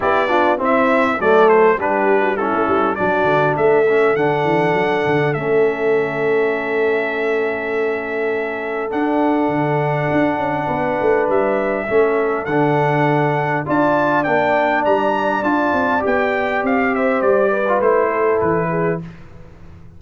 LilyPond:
<<
  \new Staff \with { instrumentName = "trumpet" } { \time 4/4 \tempo 4 = 101 d''4 e''4 d''8 c''8 b'4 | a'4 d''4 e''4 fis''4~ | fis''4 e''2.~ | e''2. fis''4~ |
fis''2. e''4~ | e''4 fis''2 a''4 | g''4 ais''4 a''4 g''4 | f''8 e''8 d''4 c''4 b'4 | }
  \new Staff \with { instrumentName = "horn" } { \time 4/4 g'8 f'8 e'4 a'4 g'8. fis'16 | e'4 fis'4 a'2~ | a'1~ | a'1~ |
a'2 b'2 | a'2. d''4~ | d''1~ | d''8 c''4 b'4 a'4 gis'8 | }
  \new Staff \with { instrumentName = "trombone" } { \time 4/4 e'8 d'8 c'4 a4 d'4 | cis'4 d'4. cis'8 d'4~ | d'4 cis'2.~ | cis'2. d'4~ |
d'1 | cis'4 d'2 f'4 | d'2 f'4 g'4~ | g'4.~ g'16 f'16 e'2 | }
  \new Staff \with { instrumentName = "tuba" } { \time 4/4 b4 c'4 fis4 g4~ | g16 a16 g8 fis8 d8 a4 d8 e8 | fis8 d8 a2.~ | a2. d'4 |
d4 d'8 cis'8 b8 a8 g4 | a4 d2 d'4 | ais4 g4 d'8 c'8 b4 | c'4 g4 a4 e4 | }
>>